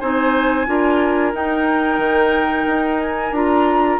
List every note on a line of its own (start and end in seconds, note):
0.00 0.67 C4
0.00 0.66 D#4
0.00 0.67 C5
0.00 1.33 G#5
0.66 1.33 D4
0.66 1.33 F4
0.66 3.99 A#4
1.33 1.98 D#4
1.33 3.34 D#4
1.33 3.01 G5
1.98 2.65 D#3
2.67 3.32 D#4
3.01 3.34 G#5
3.32 3.98 D4
3.32 3.99 F4
3.32 3.99 A#5